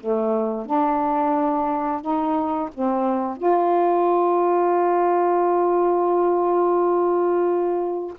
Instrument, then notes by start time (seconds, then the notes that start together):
saxophone
0.00 A3
0.66 D4
2.01 D#4
2.74 C4
3.37 F4